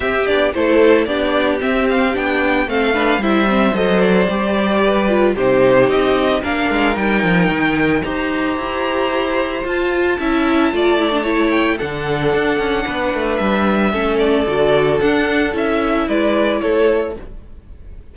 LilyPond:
<<
  \new Staff \with { instrumentName = "violin" } { \time 4/4 \tempo 4 = 112 e''8 d''8 c''4 d''4 e''8 f''8 | g''4 f''4 e''4 dis''8 d''8~ | d''2 c''4 dis''4 | f''4 g''2 ais''4~ |
ais''2 a''2~ | a''4. g''8 fis''2~ | fis''4 e''4. d''4. | fis''4 e''4 d''4 cis''4 | }
  \new Staff \with { instrumentName = "violin" } { \time 4/4 g'4 a'4 g'2~ | g'4 a'8 b'8 c''2~ | c''4 b'4 g'2 | ais'2. c''4~ |
c''2. e''4 | d''4 cis''4 a'2 | b'2 a'2~ | a'2 b'4 a'4 | }
  \new Staff \with { instrumentName = "viola" } { \time 4/4 c'8 d'8 e'4 d'4 c'4 | d'4 c'8 d'8 e'8 c'8 a'4 | g'4. f'8 dis'2 | d'4 dis'2 g'4~ |
g'2 f'4 e'4 | f'8 e'16 d'16 e'4 d'2~ | d'2 cis'4 fis'4 | d'4 e'2. | }
  \new Staff \with { instrumentName = "cello" } { \time 4/4 c'8 b8 a4 b4 c'4 | b4 a4 g4 fis4 | g2 c4 c'4 | ais8 gis8 g8 f8 dis4 dis'4 |
e'2 f'4 cis'4 | a2 d4 d'8 cis'8 | b8 a8 g4 a4 d4 | d'4 cis'4 gis4 a4 | }
>>